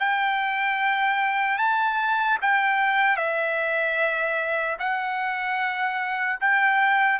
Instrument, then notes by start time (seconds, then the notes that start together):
trumpet
0.00 G5
1.59 A5
2.42 G5
3.17 E5
4.80 F#5
6.41 G5